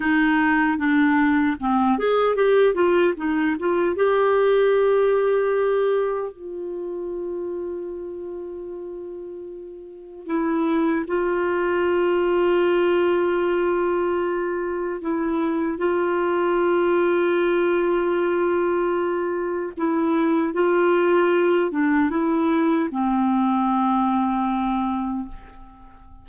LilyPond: \new Staff \with { instrumentName = "clarinet" } { \time 4/4 \tempo 4 = 76 dis'4 d'4 c'8 gis'8 g'8 f'8 | dis'8 f'8 g'2. | f'1~ | f'4 e'4 f'2~ |
f'2. e'4 | f'1~ | f'4 e'4 f'4. d'8 | e'4 c'2. | }